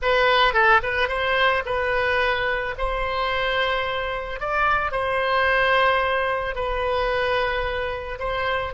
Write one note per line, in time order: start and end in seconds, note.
0.02 0.53 B4
0.53 0.80 A4
0.82 1.08 B4
1.08 1.63 C5
1.65 2.74 B4
2.77 4.40 C5
4.40 4.91 D5
4.91 6.55 C5
6.55 8.18 B4
8.19 8.73 C5